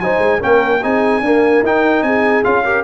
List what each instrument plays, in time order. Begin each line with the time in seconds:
0.00 tuba F#3, trombone D#4, horn C5, trumpet G#5
0.18 tuba G#3
0.39 tuba A#3, trombone C#4, horn A#4, trumpet G5
0.82 tuba C4, trombone D#4, horn G#4, trumpet G#5
1.21 trombone A#3, tuba D4, horn A#4
1.63 tuba D#4, trombone D#4, trumpet G5
2.02 tuba C4, horn G#4, trumpet G#5
2.44 tuba C#4, trombone F4, trumpet F5
2.64 trombone G4, horn A#4